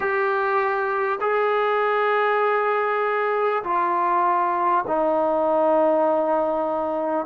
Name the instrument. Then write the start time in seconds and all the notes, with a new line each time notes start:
trombone
0.00 G4
1.20 G#4
3.63 F4
4.87 D#4